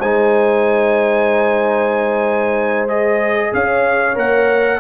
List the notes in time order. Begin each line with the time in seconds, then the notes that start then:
0.00 G#3 D#4 C5 G#5
2.88 G#4 D#5
3.54 C#4 C#5 F5
4.15 A#3 A#4 F#5